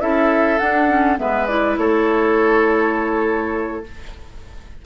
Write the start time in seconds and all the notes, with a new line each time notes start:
0.00 C#4 E4 A4 E5
0.59 D4 F#5
0.88 C#4
1.18 G#3 B3 B4 E5
1.47 E4 D5
1.77 A3 A4 C#5